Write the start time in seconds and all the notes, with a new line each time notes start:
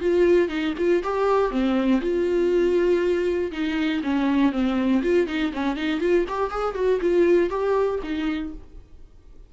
0.00 F4
0.48 D#4
0.77 F4
1.03 G4
1.51 C4
2.01 F4
3.52 D#4
4.03 C#4
4.52 C4
5.02 F4
5.27 D#4
5.53 C#4
5.76 D#4
6.00 F4
6.28 G4
6.50 G#4
6.75 F#4
7.01 F4
7.50 G4
8.03 D#4